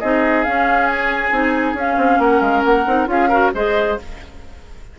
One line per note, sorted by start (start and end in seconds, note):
0.00 0.47 C4
0.00 0.46 D#4
0.00 2.20 G#4
0.00 0.44 D#5
0.44 1.32 C#4
0.44 1.31 C#4
0.44 0.88 F5
0.88 1.76 G#5
1.31 1.74 C4
1.31 1.76 D#4
1.74 1.96 C#4
1.74 2.87 C#4
1.74 2.22 F5
1.98 2.19 C4
2.19 2.41 A#3
2.19 3.09 A#4
2.19 2.41 F#5
2.41 2.63 G#3
2.41 2.64 F5
2.65 2.87 A#3
2.65 3.09 F#5
2.87 3.07 C4
2.87 3.07 D#4
3.07 3.51 C#4
3.07 3.29 F4
3.07 3.29 G#4
3.07 3.53 F5
3.29 3.54 F#4
3.29 3.51 A#4
3.55 3.99 G#3
3.55 3.99 G#4
3.55 3.99 C5
3.55 3.99 D#5